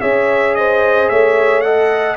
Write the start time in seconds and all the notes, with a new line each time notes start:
0.00 C#4 G#4 C#5 E5
0.55 C5 D#5
1.09 A3 C#5 E5
1.61 A4 D#5 F#5